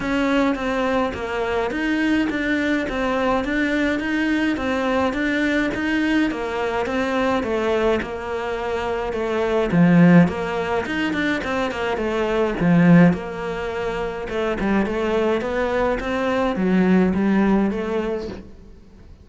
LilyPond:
\new Staff \with { instrumentName = "cello" } { \time 4/4 \tempo 4 = 105 cis'4 c'4 ais4 dis'4 | d'4 c'4 d'4 dis'4 | c'4 d'4 dis'4 ais4 | c'4 a4 ais2 |
a4 f4 ais4 dis'8 d'8 | c'8 ais8 a4 f4 ais4~ | ais4 a8 g8 a4 b4 | c'4 fis4 g4 a4 | }